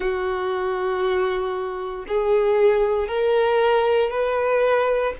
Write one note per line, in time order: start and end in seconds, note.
0.00 2.05 F#4
2.07 3.08 G#4
3.08 4.10 A#4
4.10 5.13 B4